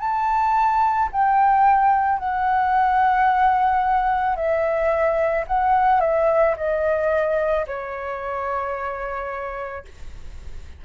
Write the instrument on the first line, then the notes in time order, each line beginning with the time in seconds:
flute
0.00 A5
1.13 G5
2.19 F#5
4.36 E5
5.48 F#5
6.01 E5
6.58 D#5
7.67 C#5